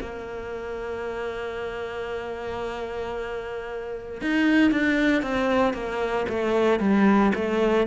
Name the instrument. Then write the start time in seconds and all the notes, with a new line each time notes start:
cello
0.00 A#3
4.22 D#4
4.71 D4
5.22 C4
5.73 A#3
6.29 A3
6.79 G3
7.34 A3